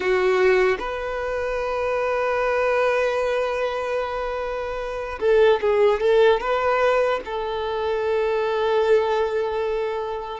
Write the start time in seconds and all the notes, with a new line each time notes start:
0.00 F#4
0.79 B4
5.20 A4
5.61 G#4
6.00 A4
6.40 B4
7.25 A4